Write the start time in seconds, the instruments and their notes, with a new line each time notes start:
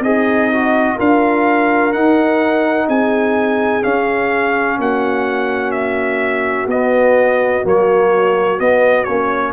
0.00 tuba C4, horn D#4, trombone G#4, trumpet D#5
0.52 trombone F#4
0.96 tuba D4, trombone F4, horn A#4, trumpet F5
1.93 trombone D#4, tuba D#4, trumpet F#5
2.87 tuba C4, horn G#4, trumpet G#5
3.82 trombone C#4, tuba C#4, trumpet F5
4.78 tuba A#3, horn F#4, trumpet F#5
5.72 trumpet E5
6.67 tuba B3, trombone B3, trumpet D#5
7.63 tuba F#3, trombone A#3, trumpet C#5
8.59 trombone B3, tuba B3, trumpet D#5
9.04 tuba A#3, trombone C#4, trumpet C#5